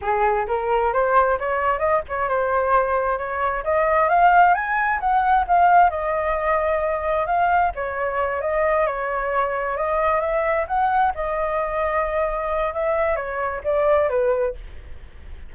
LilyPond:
\new Staff \with { instrumentName = "flute" } { \time 4/4 \tempo 4 = 132 gis'4 ais'4 c''4 cis''4 | dis''8 cis''8 c''2 cis''4 | dis''4 f''4 gis''4 fis''4 | f''4 dis''2. |
f''4 cis''4. dis''4 cis''8~ | cis''4. dis''4 e''4 fis''8~ | fis''8 dis''2.~ dis''8 | e''4 cis''4 d''4 b'4 | }